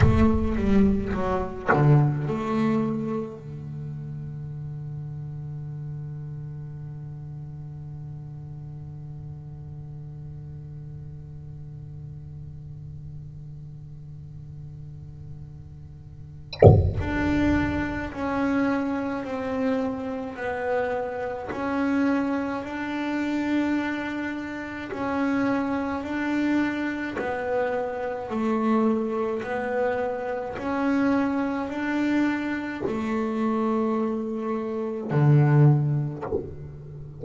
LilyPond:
\new Staff \with { instrumentName = "double bass" } { \time 4/4 \tempo 4 = 53 a8 g8 fis8 d8 a4 d4~ | d1~ | d1~ | d2. d'4 |
cis'4 c'4 b4 cis'4 | d'2 cis'4 d'4 | b4 a4 b4 cis'4 | d'4 a2 d4 | }